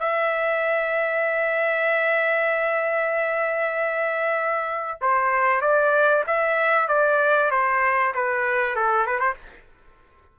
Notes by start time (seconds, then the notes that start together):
0.00 E5
5.02 C5
5.62 D5
6.27 E5
6.89 D5
7.51 C5
8.15 B4
8.76 A4
9.07 B4
9.20 C5